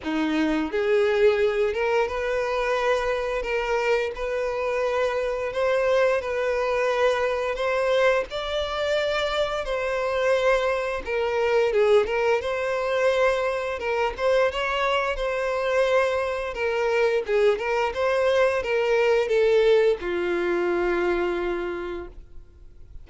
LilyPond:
\new Staff \with { instrumentName = "violin" } { \time 4/4 \tempo 4 = 87 dis'4 gis'4. ais'8 b'4~ | b'4 ais'4 b'2 | c''4 b'2 c''4 | d''2 c''2 |
ais'4 gis'8 ais'8 c''2 | ais'8 c''8 cis''4 c''2 | ais'4 gis'8 ais'8 c''4 ais'4 | a'4 f'2. | }